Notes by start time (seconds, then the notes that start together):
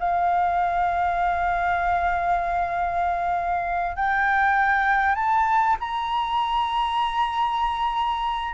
0.00 F5
3.97 G5
5.16 A5
5.80 A#5